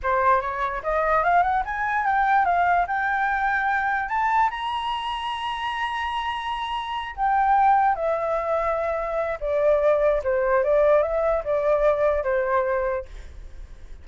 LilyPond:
\new Staff \with { instrumentName = "flute" } { \time 4/4 \tempo 4 = 147 c''4 cis''4 dis''4 f''8 fis''8 | gis''4 g''4 f''4 g''4~ | g''2 a''4 ais''4~ | ais''1~ |
ais''4. g''2 e''8~ | e''2. d''4~ | d''4 c''4 d''4 e''4 | d''2 c''2 | }